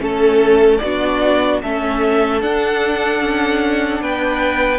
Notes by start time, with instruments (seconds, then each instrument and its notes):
0.00 cello A3, viola C#4, violin A4
0.78 cello B3, violin F#4 D5
0.85 viola D4
1.62 cello A3, viola C#4, violin A4 E5
2.41 viola D4, cello D4, violin F#5
3.21 cello C#4
4.01 cello B3, violin B4 G5